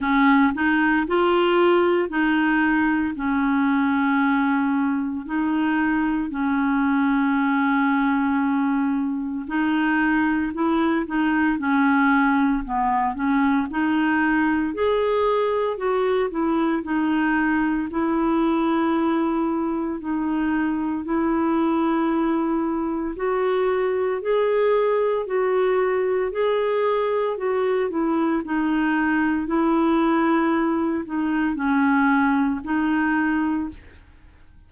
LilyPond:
\new Staff \with { instrumentName = "clarinet" } { \time 4/4 \tempo 4 = 57 cis'8 dis'8 f'4 dis'4 cis'4~ | cis'4 dis'4 cis'2~ | cis'4 dis'4 e'8 dis'8 cis'4 | b8 cis'8 dis'4 gis'4 fis'8 e'8 |
dis'4 e'2 dis'4 | e'2 fis'4 gis'4 | fis'4 gis'4 fis'8 e'8 dis'4 | e'4. dis'8 cis'4 dis'4 | }